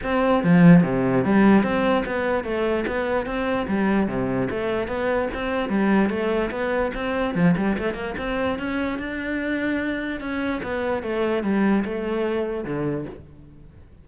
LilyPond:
\new Staff \with { instrumentName = "cello" } { \time 4/4 \tempo 4 = 147 c'4 f4 c4 g4 | c'4 b4 a4 b4 | c'4 g4 c4 a4 | b4 c'4 g4 a4 |
b4 c'4 f8 g8 a8 ais8 | c'4 cis'4 d'2~ | d'4 cis'4 b4 a4 | g4 a2 d4 | }